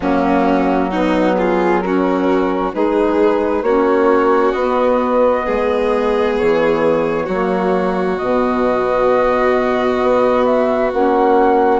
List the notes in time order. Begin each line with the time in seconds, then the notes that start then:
0.00 F#3 A#3 C#4 F#4
0.90 B3 D#4
1.35 F4 G#4
1.80 C#4 F#4 A#4
2.72 G#3 D#4 G#4 B4
3.62 A#3 C#4 F#4 C#5
4.52 B3 D#5
5.45 G#3 G#4
6.38 E3 C#5
7.25 F#3 A#3 F#4
8.17 B2 B3 D#5
10.02 B3
10.45 E5
10.91 A#3 C#4 F#5